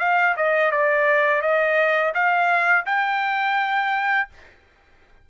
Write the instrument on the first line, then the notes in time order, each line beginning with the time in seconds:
trumpet
0.00 F5
0.37 D#5
0.72 D5
1.42 D#5
2.15 F5
2.86 G5